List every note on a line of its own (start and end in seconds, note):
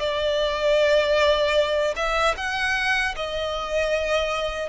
0.00 1.95 D5
1.97 2.36 E5
2.37 3.15 F#5
3.17 4.70 D#5